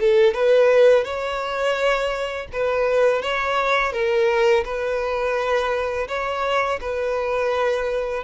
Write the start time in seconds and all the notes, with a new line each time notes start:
0.00 A4
0.34 B4
1.04 C#5
2.52 B4
3.22 C#5
3.92 A#4
4.65 B4
6.08 C#5
6.81 B4